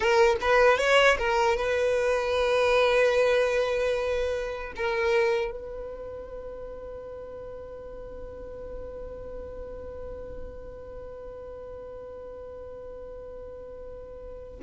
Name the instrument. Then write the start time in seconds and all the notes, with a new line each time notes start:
violin
0.00 A#4
0.41 B4
0.78 C#5
1.18 A#4
1.56 B4
4.75 A#4
5.51 B4